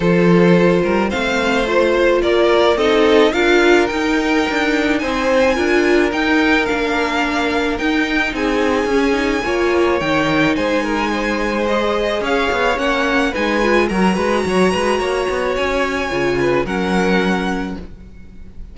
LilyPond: <<
  \new Staff \with { instrumentName = "violin" } { \time 4/4 \tempo 4 = 108 c''2 f''4 c''4 | d''4 dis''4 f''4 g''4~ | g''4 gis''2 g''4 | f''2 g''4 gis''4~ |
gis''2 g''4 gis''4~ | gis''4 dis''4 f''4 fis''4 | gis''4 ais''2. | gis''2 fis''2 | }
  \new Staff \with { instrumentName = "violin" } { \time 4/4 a'4. ais'8 c''2 | ais'4 a'4 ais'2~ | ais'4 c''4 ais'2~ | ais'2. gis'4~ |
gis'4 cis''2 c''8 ais'8 | c''2 cis''2 | b'4 ais'8 b'8 cis''8 b'8 cis''4~ | cis''4. b'8 ais'2 | }
  \new Staff \with { instrumentName = "viola" } { \time 4/4 f'2 c'4 f'4~ | f'4 dis'4 f'4 dis'4~ | dis'2 f'4 dis'4 | d'2 dis'2 |
cis'8 dis'8 f'4 dis'2~ | dis'4 gis'2 cis'4 | dis'8 f'8 fis'2.~ | fis'4 f'4 cis'2 | }
  \new Staff \with { instrumentName = "cello" } { \time 4/4 f4. g8 a2 | ais4 c'4 d'4 dis'4 | d'4 c'4 d'4 dis'4 | ais2 dis'4 c'4 |
cis'4 ais4 dis4 gis4~ | gis2 cis'8 b8 ais4 | gis4 fis8 gis8 fis8 gis8 ais8 b8 | cis'4 cis4 fis2 | }
>>